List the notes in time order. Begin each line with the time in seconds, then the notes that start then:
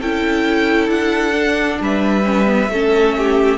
0.00 C#4 E4 A4 G5
0.88 D4 F#5
1.32 D4
1.80 G3 B4 E5
2.25 C#4
2.46 B3
2.68 A3 C#4 A4
3.18 G4